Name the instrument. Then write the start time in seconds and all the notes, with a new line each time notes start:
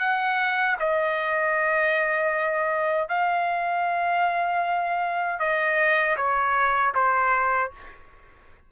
trumpet
0.00 F#5
0.80 D#5
3.09 F5
5.40 D#5
6.17 C#5
6.95 C5